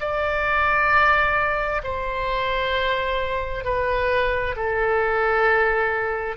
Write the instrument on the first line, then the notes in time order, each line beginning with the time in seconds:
oboe
0.00 D5
1.84 C5
3.64 B4
4.56 A4